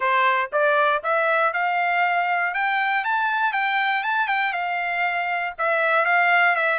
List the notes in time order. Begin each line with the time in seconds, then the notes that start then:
0.00 C5
0.52 D5
1.03 E5
1.53 F5
2.53 G5
3.04 A5
3.52 G5
4.03 A5
4.27 G5
4.52 F5
5.58 E5
6.05 F5
6.55 E5